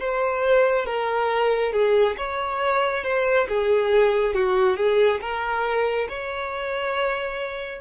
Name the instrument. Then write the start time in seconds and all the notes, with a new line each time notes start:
violin
0.00 C5
0.86 A#4
1.73 G#4
2.17 C#5
3.04 C5
3.49 G#4
4.34 F#4
4.77 G#4
5.21 A#4
6.09 C#5